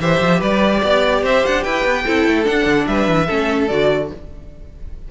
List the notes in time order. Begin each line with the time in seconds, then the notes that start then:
0.00 E3 G4 C5 E5
0.21 F3
0.39 G3 B4 D5
0.83 B3 D5
1.23 C4 C5 E5
1.46 D4 F#5
1.63 E4 B4 G5
1.84 B3
2.05 C4 E4 A4
2.27 A3
2.45 D4 F#5
2.66 D3
2.87 G3 B4 E5
3.09 E3
3.27 A3 C#4 A4
3.68 D3 F#4 D5